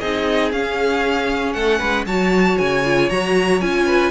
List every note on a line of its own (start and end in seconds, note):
0.00 0.52 C4
0.00 0.53 D#4
0.00 1.55 G#4
0.00 0.52 D#5
0.52 1.55 C#4
0.52 2.08 C#4
0.52 1.53 F5
1.53 1.81 A3
1.53 1.79 A4
1.53 2.05 F#5
1.79 2.06 G#3
1.79 2.05 B4
2.06 2.58 F#3
2.06 2.85 F#4
2.06 3.86 C#5
2.06 2.58 A5
2.58 3.10 C#3
2.58 3.10 G#5
2.85 3.10 F4
3.10 3.61 F#3
3.10 3.61 F#4
3.10 3.61 A#5
3.61 4.11 C#4
3.61 4.11 F4
3.61 4.11 G#5
3.86 4.11 B4